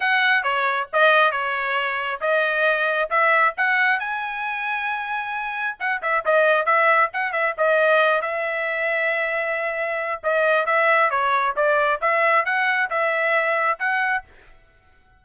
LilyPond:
\new Staff \with { instrumentName = "trumpet" } { \time 4/4 \tempo 4 = 135 fis''4 cis''4 dis''4 cis''4~ | cis''4 dis''2 e''4 | fis''4 gis''2.~ | gis''4 fis''8 e''8 dis''4 e''4 |
fis''8 e''8 dis''4. e''4.~ | e''2. dis''4 | e''4 cis''4 d''4 e''4 | fis''4 e''2 fis''4 | }